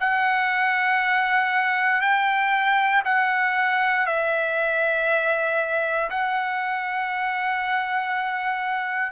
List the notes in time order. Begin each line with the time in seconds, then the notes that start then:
0.00 F#5
2.01 G5
3.05 F#5
4.06 E5
6.10 F#5